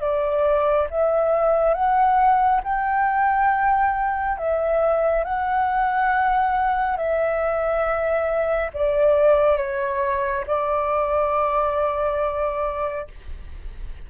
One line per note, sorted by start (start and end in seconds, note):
0.00 0.87 D5
0.90 1.74 E5
1.74 2.61 F#5
2.63 4.37 G5
4.37 5.24 E5
5.24 6.96 F#5
6.96 8.70 E5
8.74 9.57 D5
9.57 10.44 C#5
10.46 13.07 D5